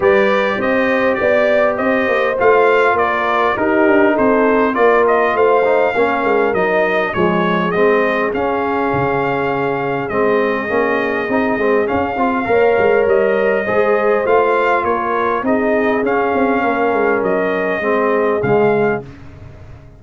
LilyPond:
<<
  \new Staff \with { instrumentName = "trumpet" } { \time 4/4 \tempo 4 = 101 d''4 dis''4 d''4 dis''4 | f''4 d''4 ais'4 c''4 | d''8 dis''8 f''2 dis''4 | cis''4 dis''4 f''2~ |
f''4 dis''2. | f''2 dis''2 | f''4 cis''4 dis''4 f''4~ | f''4 dis''2 f''4 | }
  \new Staff \with { instrumentName = "horn" } { \time 4/4 b'4 c''4 d''4 c''4~ | c''4 ais'4 g'4 a'4 | ais'4 c''4 ais'2 | gis'1~ |
gis'1~ | gis'4 cis''2 c''4~ | c''4 ais'4 gis'2 | ais'2 gis'2 | }
  \new Staff \with { instrumentName = "trombone" } { \time 4/4 g'1 | f'2 dis'2 | f'4. dis'8 cis'4 dis'4 | gis4 c'4 cis'2~ |
cis'4 c'4 cis'4 dis'8 c'8 | cis'8 f'8 ais'2 gis'4 | f'2 dis'4 cis'4~ | cis'2 c'4 gis4 | }
  \new Staff \with { instrumentName = "tuba" } { \time 4/4 g4 c'4 b4 c'8 ais8 | a4 ais4 dis'8 d'8 c'4 | ais4 a4 ais8 gis8 fis4 | f4 gis4 cis'4 cis4~ |
cis4 gis4 ais4 c'8 gis8 | cis'8 c'8 ais8 gis8 g4 gis4 | a4 ais4 c'4 cis'8 c'8 | ais8 gis8 fis4 gis4 cis4 | }
>>